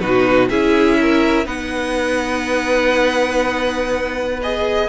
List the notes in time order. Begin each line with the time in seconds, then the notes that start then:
0.00 B2 D#4 F#4 B4
0.50 C#4 E4 G#4 E5
1.01 A#4
1.45 B3 D#4 B4 F#5
4.43 G#4 D#5